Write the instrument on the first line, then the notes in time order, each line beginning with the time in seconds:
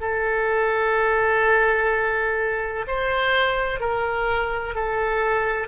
oboe
0.00 A4
2.87 C5
3.80 A#4
4.74 A4